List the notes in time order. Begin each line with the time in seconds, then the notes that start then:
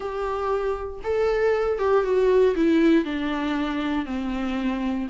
0.00 G4
1.03 A4
1.78 G4
2.04 F#4
2.55 E4
3.04 D4
4.05 C4